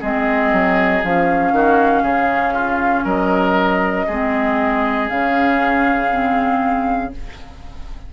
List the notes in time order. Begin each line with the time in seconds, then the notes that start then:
0.00 G#3 C4 G#4 D#5
0.53 F#3
1.04 F3 C#4 F5
1.52 D#3 F#4
2.02 C#3 G#4
2.54 F4
3.04 F#3 A#4 D#5
4.07 G#3 C4 G#4
5.09 C#3 C#4 F5
6.10 C4